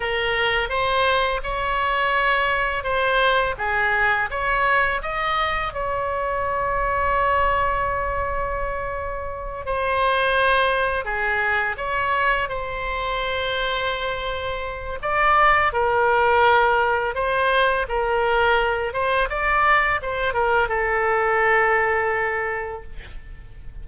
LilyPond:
\new Staff \with { instrumentName = "oboe" } { \time 4/4 \tempo 4 = 84 ais'4 c''4 cis''2 | c''4 gis'4 cis''4 dis''4 | cis''1~ | cis''4. c''2 gis'8~ |
gis'8 cis''4 c''2~ c''8~ | c''4 d''4 ais'2 | c''4 ais'4. c''8 d''4 | c''8 ais'8 a'2. | }